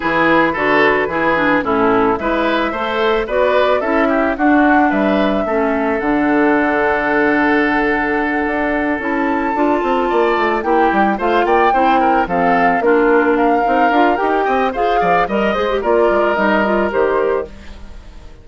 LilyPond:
<<
  \new Staff \with { instrumentName = "flute" } { \time 4/4 \tempo 4 = 110 b'2. a'4 | e''2 d''4 e''4 | fis''4 e''2 fis''4~ | fis''1~ |
fis''8 a''2. g''8~ | g''8 f''8 g''4. f''4 ais'8~ | ais'8 f''4. g''4 f''4 | dis''8 c''8 d''4 dis''4 c''4 | }
  \new Staff \with { instrumentName = "oboe" } { \time 4/4 gis'4 a'4 gis'4 e'4 | b'4 c''4 b'4 a'8 g'8 | fis'4 b'4 a'2~ | a'1~ |
a'2~ a'8 d''4 g'8~ | g'8 c''8 d''8 c''8 ais'8 a'4 f'8~ | f'8 ais'2 dis''8 c''8 d''8 | dis''4 ais'2. | }
  \new Staff \with { instrumentName = "clarinet" } { \time 4/4 e'4 fis'4 e'8 d'8 cis'4 | e'4 a'4 fis'4 e'4 | d'2 cis'4 d'4~ | d'1~ |
d'8 e'4 f'2 e'8~ | e'8 f'4 e'4 c'4 d'8~ | d'4 dis'8 f'8 g'4 gis'4 | ais'8 gis'16 g'16 f'4 dis'8 f'8 g'4 | }
  \new Staff \with { instrumentName = "bassoon" } { \time 4/4 e4 d4 e4 a,4 | gis4 a4 b4 cis'4 | d'4 g4 a4 d4~ | d2.~ d8 d'8~ |
d'8 cis'4 d'8 c'8 ais8 a8 ais8 | g8 a8 ais8 c'4 f4 ais8~ | ais4 c'8 d'8 dis'8 c'8 f'8 f8 | g8 gis8 ais8 gis8 g4 dis4 | }
>>